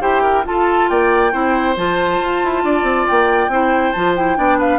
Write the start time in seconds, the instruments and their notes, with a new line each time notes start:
0.00 bassoon E4, clarinet G4, oboe C5, flute G5
0.22 oboe A#4
0.44 clarinet F4, bassoon F4, oboe A4, flute A5
0.89 bassoon A#3, oboe D5, flute G5
1.31 bassoon C4, clarinet E4, oboe C5
1.76 bassoon F3, clarinet F4, flute A5
2.20 bassoon F4
2.44 bassoon E4
2.63 bassoon D4, oboe D5
2.82 bassoon C4
3.07 bassoon A#3, flute G5
3.48 bassoon C4, clarinet E4, oboe C5
3.92 bassoon F3, clarinet F4, flute A5
4.16 clarinet E4, flute G5
4.37 bassoon B3, clarinet D4, oboe D5
4.58 oboe B4, flute F5